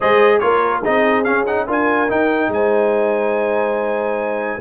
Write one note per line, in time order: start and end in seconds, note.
0.00 0.43 G#3
0.00 0.41 G#4
0.00 0.40 C5
0.00 0.39 D#5
0.39 0.85 A#3
0.39 0.83 F4
0.39 0.81 A#4
0.39 0.81 C#5
0.81 1.28 C4
0.81 1.24 D#4
0.81 1.65 G#4
0.81 1.23 D#5
1.23 1.45 C#4
1.23 1.68 C#4
1.23 1.44 F5
1.46 1.67 D#4
1.46 1.67 F#5
1.66 2.10 D4
1.66 2.08 F4
1.66 2.50 A#4
1.66 2.10 G#5
2.08 4.60 D#4
2.08 2.47 D#4
2.08 2.52 G5
2.47 4.57 G#3
2.47 4.60 C5
2.47 4.60 G#5